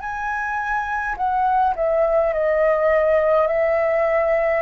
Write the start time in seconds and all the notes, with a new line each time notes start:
0.00 G#5
1.16 F#5
1.76 E5
2.33 D#5
3.47 E5